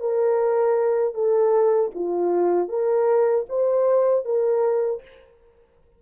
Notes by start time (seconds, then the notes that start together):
0.00 A#4
1.14 A4
1.94 F4
2.68 A#4
3.49 C5
4.25 A#4